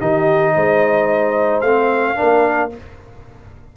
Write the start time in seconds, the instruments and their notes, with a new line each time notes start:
0.00 tuba D#3, trombone D#4, horn G4, trumpet D#5
0.55 tuba G#3, horn C5
1.61 tuba A3, trombone C4, trumpet F5
2.15 trombone D4, horn A#4
2.22 tuba A#3